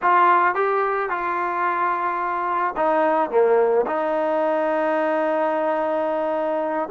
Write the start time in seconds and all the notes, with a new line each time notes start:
0.02 F4
0.54 G4
1.09 F4
2.76 D#4
3.30 A#3
3.86 D#4